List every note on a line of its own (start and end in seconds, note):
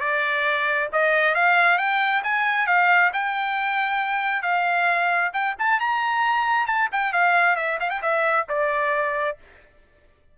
0.00 0.89 D5
0.92 1.35 D#5
1.35 1.78 F5
1.78 2.22 G5
2.24 2.67 G#5
2.67 3.11 F5
3.13 4.43 G5
4.43 5.31 F5
5.33 5.55 G5
5.59 5.80 A5
5.80 6.67 A#5
6.67 6.89 A5
6.92 7.13 G5
7.13 7.56 F5
7.56 7.78 E5
7.80 7.90 F5
7.90 8.01 G5
8.02 8.47 E5
8.49 9.38 D5